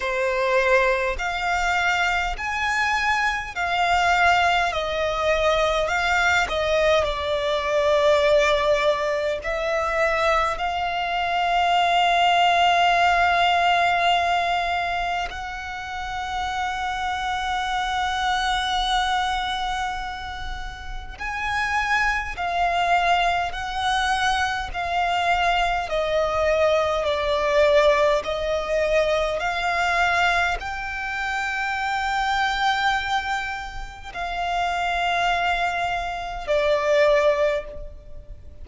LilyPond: \new Staff \with { instrumentName = "violin" } { \time 4/4 \tempo 4 = 51 c''4 f''4 gis''4 f''4 | dis''4 f''8 dis''8 d''2 | e''4 f''2.~ | f''4 fis''2.~ |
fis''2 gis''4 f''4 | fis''4 f''4 dis''4 d''4 | dis''4 f''4 g''2~ | g''4 f''2 d''4 | }